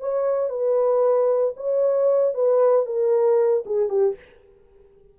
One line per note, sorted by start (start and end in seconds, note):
0.00 0.50 C#5
0.50 1.54 B4
1.57 2.34 C#5
2.34 2.86 B4
2.86 3.64 A#4
3.66 3.89 G#4
3.89 4.15 G4